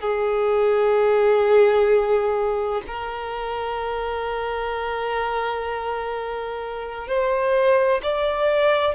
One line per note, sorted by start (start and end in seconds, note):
0.00 2.81 G#4
2.87 7.07 A#4
7.07 8.01 C5
8.02 8.94 D5